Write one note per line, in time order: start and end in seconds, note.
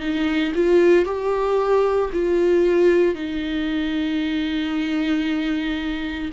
0.00 0.53 D#4
0.55 1.05 F4
1.05 2.11 G4
2.13 3.15 F4
3.15 6.31 D#4